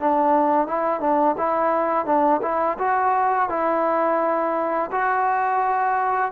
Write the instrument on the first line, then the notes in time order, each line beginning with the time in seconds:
trombone
0.00 D4
0.67 E4
1.01 D4
1.38 E4
2.06 D4
2.42 E4
2.79 F#4
3.49 E4
4.92 F#4